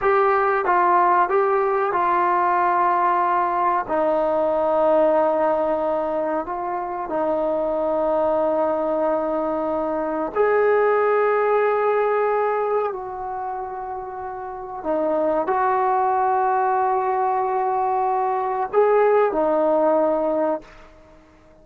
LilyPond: \new Staff \with { instrumentName = "trombone" } { \time 4/4 \tempo 4 = 93 g'4 f'4 g'4 f'4~ | f'2 dis'2~ | dis'2 f'4 dis'4~ | dis'1 |
gis'1 | fis'2. dis'4 | fis'1~ | fis'4 gis'4 dis'2 | }